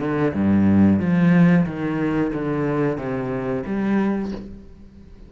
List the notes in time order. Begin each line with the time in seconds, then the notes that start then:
0.00 D3
0.34 G2
1.00 F3
1.67 D#3
2.34 D3
2.98 C3
3.66 G3